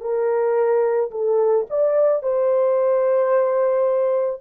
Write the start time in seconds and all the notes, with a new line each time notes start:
0.00 A#4
1.11 A4
1.69 D5
2.22 C5